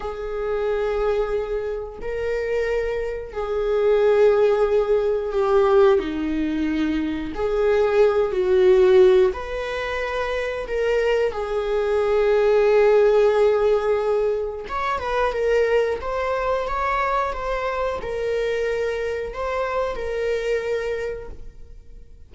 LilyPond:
\new Staff \with { instrumentName = "viola" } { \time 4/4 \tempo 4 = 90 gis'2. ais'4~ | ais'4 gis'2. | g'4 dis'2 gis'4~ | gis'8 fis'4. b'2 |
ais'4 gis'2.~ | gis'2 cis''8 b'8 ais'4 | c''4 cis''4 c''4 ais'4~ | ais'4 c''4 ais'2 | }